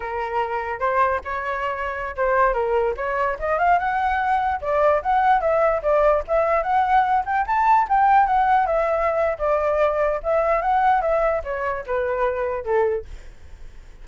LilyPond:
\new Staff \with { instrumentName = "flute" } { \time 4/4 \tempo 4 = 147 ais'2 c''4 cis''4~ | cis''4~ cis''16 c''4 ais'4 cis''8.~ | cis''16 dis''8 f''8 fis''2 d''8.~ | d''16 fis''4 e''4 d''4 e''8.~ |
e''16 fis''4. g''8 a''4 g''8.~ | g''16 fis''4 e''4.~ e''16 d''4~ | d''4 e''4 fis''4 e''4 | cis''4 b'2 a'4 | }